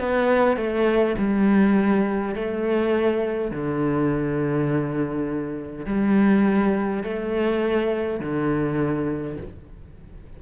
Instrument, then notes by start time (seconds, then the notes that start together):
cello
0.00 B3
0.57 A3
1.19 G3
2.35 A3
3.51 D3
5.87 G3
7.04 A3
8.20 D3